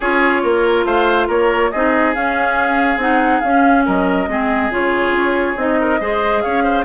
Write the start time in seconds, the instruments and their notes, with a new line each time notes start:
0.00 bassoon C#4, clarinet F4, oboe G#4, flute C#5
0.43 bassoon A#3, oboe A#4
0.84 bassoon A3, oboe C5, flute F5
1.27 bassoon A#3, oboe A#4, flute C#5
1.71 bassoon C4, clarinet D#4, oboe G#4, flute D#5
2.14 clarinet C#4, bassoon C#4, flute F5
2.96 bassoon C4, clarinet D#4, flute F#5
3.40 bassoon C#4, clarinet C#4, flute F5
3.85 bassoon F#3, oboe A#4, flute D#5
4.27 bassoon G#3, clarinet C4, oboe G#4
4.70 bassoon C#3, clarinet F4, flute C#5
5.11 bassoon C#4
5.56 bassoon C4, clarinet D#4, flute D#5
5.80 oboe A#4
6.00 bassoon G#3, clarinet G#4, oboe C5
6.41 bassoon C#4, oboe C#5, flute F5
6.63 oboe C5